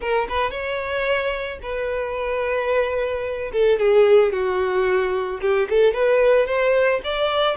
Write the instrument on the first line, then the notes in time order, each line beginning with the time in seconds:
violin
0.00 A#4
0.28 B4
0.50 C#5
1.62 B4
3.52 A4
3.79 G#4
4.32 F#4
5.41 G4
5.69 A4
5.93 B4
6.46 C5
7.04 D5